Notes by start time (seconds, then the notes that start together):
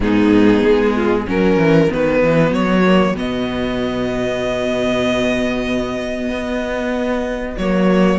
0.00 G#2 B3 D#4 G#4
0.63 G#3
0.95 F4
1.25 F#3 C#4 F#4 A#4
1.57 E3
1.89 D#3 B3 B4
2.22 E3
2.50 F#3 C#5
2.86 A#3
3.15 B2 B3 D#5
6.29 B3
7.57 F#3 A#3 C#5